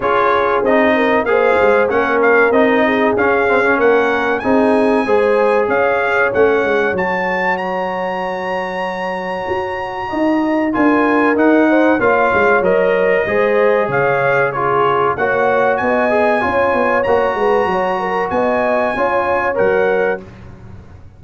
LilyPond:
<<
  \new Staff \with { instrumentName = "trumpet" } { \time 4/4 \tempo 4 = 95 cis''4 dis''4 f''4 fis''8 f''8 | dis''4 f''4 fis''4 gis''4~ | gis''4 f''4 fis''4 a''4 | ais''1~ |
ais''4 gis''4 fis''4 f''4 | dis''2 f''4 cis''4 | fis''4 gis''2 ais''4~ | ais''4 gis''2 fis''4 | }
  \new Staff \with { instrumentName = "horn" } { \time 4/4 gis'4. ais'8 c''4 ais'4~ | ais'8 gis'4. ais'4 gis'4 | c''4 cis''2.~ | cis''1 |
dis''4 ais'4. c''8 cis''4~ | cis''4 c''4 cis''4 gis'4 | cis''4 dis''4 cis''4. b'8 | cis''8 ais'8 dis''4 cis''2 | }
  \new Staff \with { instrumentName = "trombone" } { \time 4/4 f'4 dis'4 gis'4 cis'4 | dis'4 cis'8 c'16 cis'4~ cis'16 dis'4 | gis'2 cis'4 fis'4~ | fis'1~ |
fis'4 f'4 dis'4 f'4 | ais'4 gis'2 f'4 | fis'4. gis'8 f'4 fis'4~ | fis'2 f'4 ais'4 | }
  \new Staff \with { instrumentName = "tuba" } { \time 4/4 cis'4 c'4 ais8 gis8 ais4 | c'4 cis'4 ais4 c'4 | gis4 cis'4 a8 gis8 fis4~ | fis2. fis'4 |
dis'4 d'4 dis'4 ais8 gis8 | fis4 gis4 cis2 | ais4 b4 cis'8 b8 ais8 gis8 | fis4 b4 cis'4 fis4 | }
>>